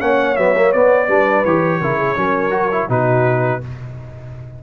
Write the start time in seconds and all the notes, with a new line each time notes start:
0.00 A#3 C#4 C#5 F#5
0.36 F#3 B3 E5
0.57 A#3
0.72 B3 D5
1.07 G3 D4 B4
1.45 E3 G4 C#5
1.81 C#3 E4 A#4
1.98 G#4
2.16 F#3 C#4 A#4
2.51 F#4
2.72 E4
2.89 B2 D#4 F#4 B4